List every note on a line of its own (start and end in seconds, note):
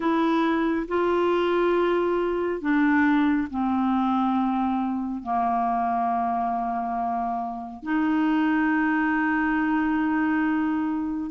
0.00 0.87 E4
0.87 2.61 F4
2.61 3.48 D4
3.50 5.23 C4
5.23 7.82 A#3
7.82 11.30 D#4